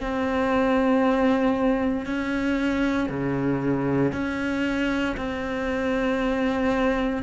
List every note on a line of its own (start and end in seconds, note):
0.00 2.05 C4
2.05 3.08 C#4
3.08 4.12 C#3
4.12 5.15 C#4
5.16 7.22 C4